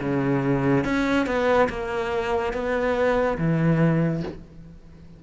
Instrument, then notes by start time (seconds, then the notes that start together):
cello
0.00 C#3
0.84 C#4
1.26 B3
1.69 A#3
2.53 B3
3.38 E3